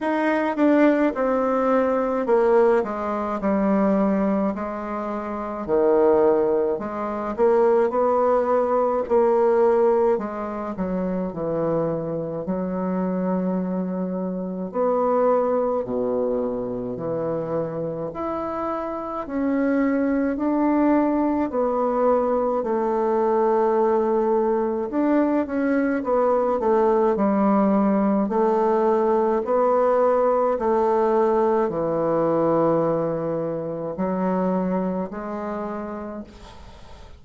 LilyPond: \new Staff \with { instrumentName = "bassoon" } { \time 4/4 \tempo 4 = 53 dis'8 d'8 c'4 ais8 gis8 g4 | gis4 dis4 gis8 ais8 b4 | ais4 gis8 fis8 e4 fis4~ | fis4 b4 b,4 e4 |
e'4 cis'4 d'4 b4 | a2 d'8 cis'8 b8 a8 | g4 a4 b4 a4 | e2 fis4 gis4 | }